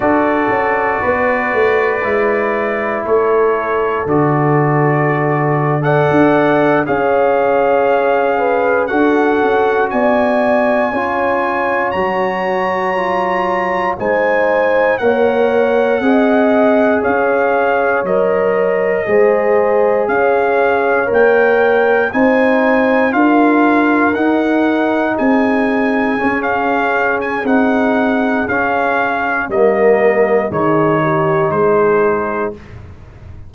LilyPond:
<<
  \new Staff \with { instrumentName = "trumpet" } { \time 4/4 \tempo 4 = 59 d''2. cis''4 | d''4.~ d''16 fis''4 f''4~ f''16~ | f''8. fis''4 gis''2 ais''16~ | ais''4.~ ais''16 gis''4 fis''4~ fis''16~ |
fis''8. f''4 dis''2 f''16~ | f''8. g''4 gis''4 f''4 fis''16~ | fis''8. gis''4~ gis''16 f''8. gis''16 fis''4 | f''4 dis''4 cis''4 c''4 | }
  \new Staff \with { instrumentName = "horn" } { \time 4/4 a'4 b'2 a'4~ | a'4.~ a'16 d''4 cis''4~ cis''16~ | cis''16 b'8 a'4 d''4 cis''4~ cis''16~ | cis''4.~ cis''16 c''4 cis''4 dis''16~ |
dis''8. cis''2 c''4 cis''16~ | cis''4.~ cis''16 c''4 ais'4~ ais'16~ | ais'8. gis'2.~ gis'16~ | gis'4 ais'4 gis'8 g'8 gis'4 | }
  \new Staff \with { instrumentName = "trombone" } { \time 4/4 fis'2 e'2 | fis'4.~ fis'16 a'4 gis'4~ gis'16~ | gis'8. fis'2 f'4 fis'16~ | fis'8. f'4 dis'4 ais'4 gis'16~ |
gis'4.~ gis'16 ais'4 gis'4~ gis'16~ | gis'8. ais'4 dis'4 f'4 dis'16~ | dis'4.~ dis'16 cis'4~ cis'16 dis'4 | cis'4 ais4 dis'2 | }
  \new Staff \with { instrumentName = "tuba" } { \time 4/4 d'8 cis'8 b8 a8 gis4 a4 | d2 d'8. cis'4~ cis'16~ | cis'8. d'8 cis'8 b4 cis'4 fis16~ | fis4.~ fis16 gis4 ais4 c'16~ |
c'8. cis'4 fis4 gis4 cis'16~ | cis'8. ais4 c'4 d'4 dis'16~ | dis'8. c'4 cis'4~ cis'16 c'4 | cis'4 g4 dis4 gis4 | }
>>